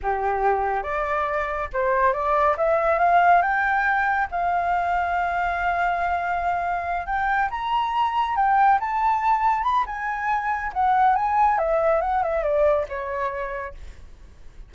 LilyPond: \new Staff \with { instrumentName = "flute" } { \time 4/4 \tempo 4 = 140 g'2 d''2 | c''4 d''4 e''4 f''4 | g''2 f''2~ | f''1~ |
f''8 g''4 ais''2 g''8~ | g''8 a''2 b''8 gis''4~ | gis''4 fis''4 gis''4 e''4 | fis''8 e''8 d''4 cis''2 | }